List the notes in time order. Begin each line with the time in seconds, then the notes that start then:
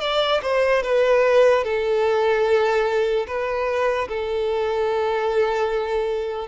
0.00 D5
0.42 C5
0.83 B4
1.64 A4
3.27 B4
4.08 A4